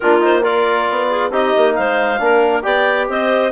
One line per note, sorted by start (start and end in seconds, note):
0.00 0.89 A#3
0.00 0.20 D4
0.00 0.42 F4
0.00 0.22 A#4
0.20 0.42 D#4
0.20 0.43 C5
0.42 1.31 F4
0.42 1.08 A#4
0.42 1.32 D5
0.89 1.30 B3
1.09 1.30 G#4
1.30 1.52 C4
1.30 2.19 D#4
1.30 1.74 G4
1.30 1.74 D#5
1.56 1.78 A#3
1.74 2.19 G#3
1.74 2.22 C5
1.74 2.62 F5
2.19 2.64 A#3
2.19 2.62 D4
2.19 2.64 A#4
2.62 3.09 B3
2.62 3.50 G4
2.62 3.08 D5
2.62 3.07 G5
3.08 3.51 C4
3.08 3.51 C5
3.08 3.51 D#5